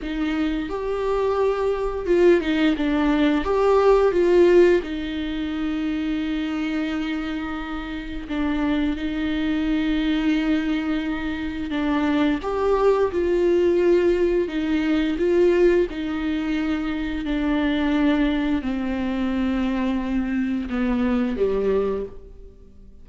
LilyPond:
\new Staff \with { instrumentName = "viola" } { \time 4/4 \tempo 4 = 87 dis'4 g'2 f'8 dis'8 | d'4 g'4 f'4 dis'4~ | dis'1 | d'4 dis'2.~ |
dis'4 d'4 g'4 f'4~ | f'4 dis'4 f'4 dis'4~ | dis'4 d'2 c'4~ | c'2 b4 g4 | }